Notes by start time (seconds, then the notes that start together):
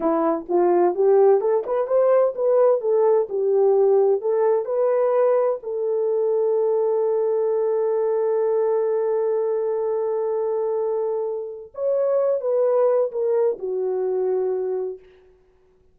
0.00 E4
0.48 F4
0.95 G4
1.40 A4
1.66 B4
1.87 C5
2.35 B4
2.81 A4
3.29 G4
4.21 A4
4.65 B4
5.62 A4
11.74 C#5
12.40 B4
13.11 A#4
13.58 F#4